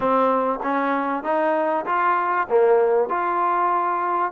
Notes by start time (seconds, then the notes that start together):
0.00 C4
0.62 C#4
1.23 D#4
1.85 F4
2.49 A#3
3.09 F4